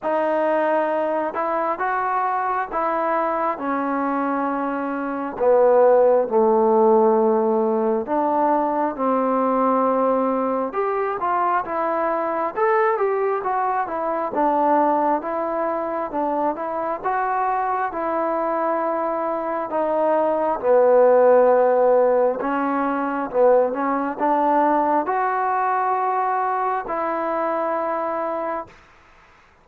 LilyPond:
\new Staff \with { instrumentName = "trombone" } { \time 4/4 \tempo 4 = 67 dis'4. e'8 fis'4 e'4 | cis'2 b4 a4~ | a4 d'4 c'2 | g'8 f'8 e'4 a'8 g'8 fis'8 e'8 |
d'4 e'4 d'8 e'8 fis'4 | e'2 dis'4 b4~ | b4 cis'4 b8 cis'8 d'4 | fis'2 e'2 | }